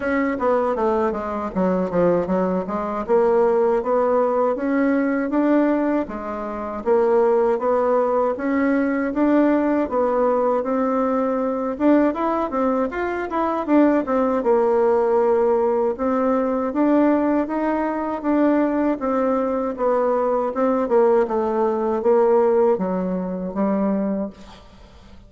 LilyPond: \new Staff \with { instrumentName = "bassoon" } { \time 4/4 \tempo 4 = 79 cis'8 b8 a8 gis8 fis8 f8 fis8 gis8 | ais4 b4 cis'4 d'4 | gis4 ais4 b4 cis'4 | d'4 b4 c'4. d'8 |
e'8 c'8 f'8 e'8 d'8 c'8 ais4~ | ais4 c'4 d'4 dis'4 | d'4 c'4 b4 c'8 ais8 | a4 ais4 fis4 g4 | }